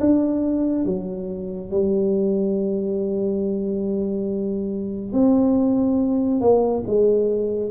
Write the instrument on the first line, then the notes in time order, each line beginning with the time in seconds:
tuba
0.00 D4
0.85 F#3
1.71 G3
5.13 C4
6.41 A#3
6.86 G#3